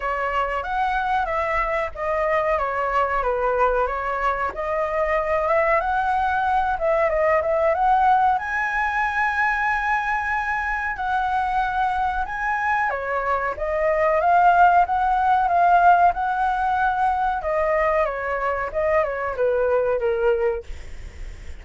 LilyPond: \new Staff \with { instrumentName = "flute" } { \time 4/4 \tempo 4 = 93 cis''4 fis''4 e''4 dis''4 | cis''4 b'4 cis''4 dis''4~ | dis''8 e''8 fis''4. e''8 dis''8 e''8 | fis''4 gis''2.~ |
gis''4 fis''2 gis''4 | cis''4 dis''4 f''4 fis''4 | f''4 fis''2 dis''4 | cis''4 dis''8 cis''8 b'4 ais'4 | }